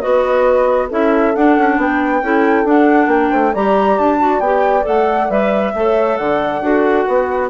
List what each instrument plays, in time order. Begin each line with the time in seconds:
0.00 bassoon B3, clarinet F#4, horn B4, flute D#5
0.88 bassoon C#4, clarinet E4, horn A4, flute E5
1.35 bassoon D4, clarinet D4, flute F#5
1.57 bassoon C#4
1.77 bassoon B3, horn B4, flute G5
2.21 bassoon C#4, clarinet E4, horn A4
2.64 bassoon D4, clarinet D4, flute F#5
3.07 bassoon A#3, horn A#4, flute G5
3.30 bassoon A3, horn C5
3.53 bassoon G3, clarinet G4, horn D5, flute A#5
3.98 bassoon D4, flute A5
4.18 clarinet F#4
4.39 bassoon B3, clarinet G4, flute G5
4.82 bassoon A3, clarinet A4, flute F#5
5.29 bassoon G3, clarinet B4, flute E5
5.74 bassoon A3, clarinet A4, horn C#5
6.17 bassoon D3, horn D5, flute F#5
6.61 bassoon D4, clarinet F#4, horn A4
7.07 bassoon B3, horn B4